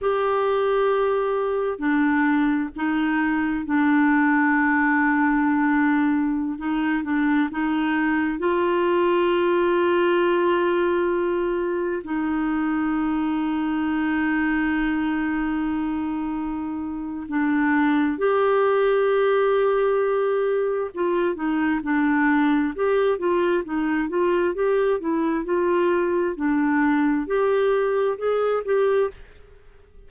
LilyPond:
\new Staff \with { instrumentName = "clarinet" } { \time 4/4 \tempo 4 = 66 g'2 d'4 dis'4 | d'2.~ d'16 dis'8 d'16~ | d'16 dis'4 f'2~ f'8.~ | f'4~ f'16 dis'2~ dis'8.~ |
dis'2. d'4 | g'2. f'8 dis'8 | d'4 g'8 f'8 dis'8 f'8 g'8 e'8 | f'4 d'4 g'4 gis'8 g'8 | }